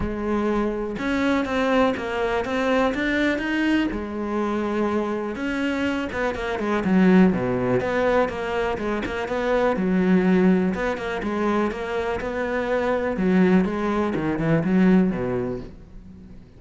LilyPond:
\new Staff \with { instrumentName = "cello" } { \time 4/4 \tempo 4 = 123 gis2 cis'4 c'4 | ais4 c'4 d'4 dis'4 | gis2. cis'4~ | cis'8 b8 ais8 gis8 fis4 b,4 |
b4 ais4 gis8 ais8 b4 | fis2 b8 ais8 gis4 | ais4 b2 fis4 | gis4 dis8 e8 fis4 b,4 | }